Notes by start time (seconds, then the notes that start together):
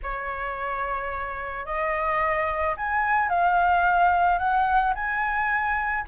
0.03 C#5
1.65 D#5
2.76 G#5
3.29 F5
4.38 F#5
4.94 G#5